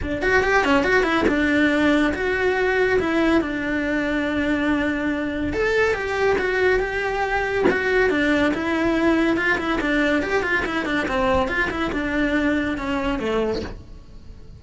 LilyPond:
\new Staff \with { instrumentName = "cello" } { \time 4/4 \tempo 4 = 141 d'8 fis'8 g'8 cis'8 fis'8 e'8 d'4~ | d'4 fis'2 e'4 | d'1~ | d'4 a'4 g'4 fis'4 |
g'2 fis'4 d'4 | e'2 f'8 e'8 d'4 | g'8 f'8 e'8 d'8 c'4 f'8 e'8 | d'2 cis'4 a4 | }